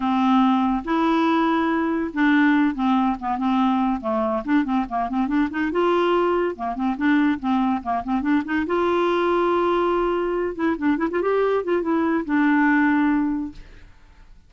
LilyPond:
\new Staff \with { instrumentName = "clarinet" } { \time 4/4 \tempo 4 = 142 c'2 e'2~ | e'4 d'4. c'4 b8 | c'4. a4 d'8 c'8 ais8 | c'8 d'8 dis'8 f'2 ais8 |
c'8 d'4 c'4 ais8 c'8 d'8 | dis'8 f'2.~ f'8~ | f'4 e'8 d'8 e'16 f'16 g'4 f'8 | e'4 d'2. | }